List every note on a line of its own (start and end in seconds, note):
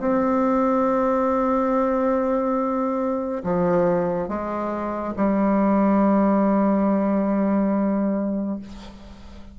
0.00 3.43 C4
3.44 4.29 F3
4.29 5.14 G#3
5.17 8.59 G3